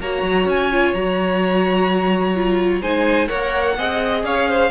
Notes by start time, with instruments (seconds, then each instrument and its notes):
0.00 cello A#3, viola F#4, violin C#5 A#5
0.22 cello F#3
0.45 cello C#4, violin G#5
0.72 viola F4
0.93 cello F#3, viola F#4, violin A#5
2.35 viola F4
2.81 cello G#3, viola D#4, violin C5 G#5
3.27 cello A#3, viola A#4, violin C#5 F#5
3.78 cello C4, viola G#4, violin D#5
4.23 cello C#4, violin C#5 F5
4.49 violin C5